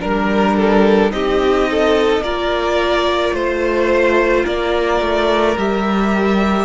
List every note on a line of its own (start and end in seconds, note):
0.00 1.12 G3
0.00 1.11 D4
0.00 0.56 A#4
0.00 1.12 A#4
0.57 1.12 A4
1.11 2.20 C4
1.11 2.22 D#4
1.11 1.69 G4
1.11 2.23 D#5
1.71 2.24 A4
2.20 3.31 A#3
2.20 5.57 F4
2.20 3.35 A#4
2.20 3.34 D5
3.33 4.44 A3
3.33 4.45 C5
3.33 4.44 C5
4.44 5.01 A#3
4.44 6.65 A#4
4.44 5.57 D5
5.01 5.56 A3
5.58 6.65 G3
5.58 6.65 G4
5.58 6.65 E5